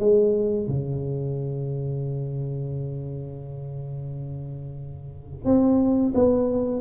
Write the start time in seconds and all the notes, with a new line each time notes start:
0.00 G#3
0.68 C#3
5.45 C4
6.15 B3